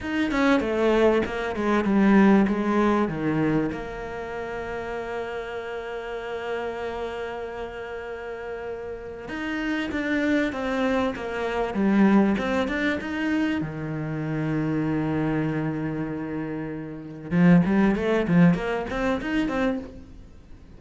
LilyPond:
\new Staff \with { instrumentName = "cello" } { \time 4/4 \tempo 4 = 97 dis'8 cis'8 a4 ais8 gis8 g4 | gis4 dis4 ais2~ | ais1~ | ais2. dis'4 |
d'4 c'4 ais4 g4 | c'8 d'8 dis'4 dis2~ | dis1 | f8 g8 a8 f8 ais8 c'8 dis'8 c'8 | }